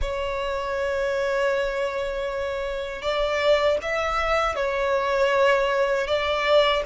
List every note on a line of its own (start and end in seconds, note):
0.01 3.02 C#5
3.02 3.78 D5
3.82 4.55 E5
4.55 6.07 C#5
6.07 6.83 D5